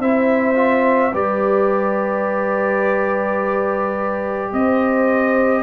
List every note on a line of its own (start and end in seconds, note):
0.00 1.13 C4
0.00 0.55 E4
0.00 1.12 C5
0.00 1.15 E5
0.55 1.12 F4
1.12 4.53 G3
1.12 5.63 G4
1.12 4.52 B4
1.12 4.53 D5
4.53 5.63 C4
4.53 5.63 C5
4.53 5.63 D#5